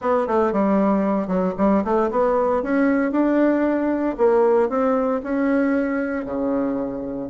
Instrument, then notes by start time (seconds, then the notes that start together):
bassoon
0.01 B3
0.27 A3
0.52 G3
1.27 F#3
1.57 G3
1.84 A3
2.10 B3
2.62 C#4
3.11 D4
4.17 A#3
4.69 C4
5.23 C#4
6.25 C#3